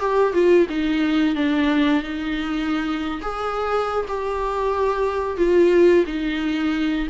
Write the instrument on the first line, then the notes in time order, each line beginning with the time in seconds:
viola
0.00 G4
0.33 F4
0.69 D#4
1.35 D4
2.03 D#4
3.21 G#4
4.08 G4
5.37 F4
6.06 D#4